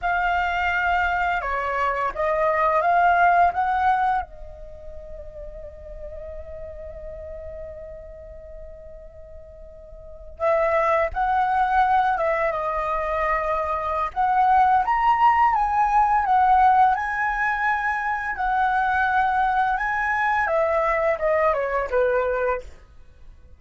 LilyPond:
\new Staff \with { instrumentName = "flute" } { \time 4/4 \tempo 4 = 85 f''2 cis''4 dis''4 | f''4 fis''4 dis''2~ | dis''1~ | dis''2~ dis''8. e''4 fis''16~ |
fis''4~ fis''16 e''8 dis''2~ dis''16 | fis''4 ais''4 gis''4 fis''4 | gis''2 fis''2 | gis''4 e''4 dis''8 cis''8 b'4 | }